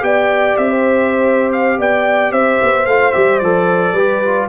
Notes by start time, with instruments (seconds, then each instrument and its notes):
0.00 tuba B3, trombone G4, horn D5, trumpet G5
0.57 tuba C4, trumpet E5
0.69 horn C5
1.52 trumpet F5
1.78 tuba B3, horn D5, trumpet G5
2.32 tuba C4, horn C5, trumpet E5
2.62 tuba B3
2.86 tuba A3, trombone F4, trumpet F5
3.12 tuba G3, trombone G4, trumpet E5
3.39 tuba F3, trombone A4, trumpet D5
3.92 tuba G3, trombone G4, horn B4
4.24 trombone F4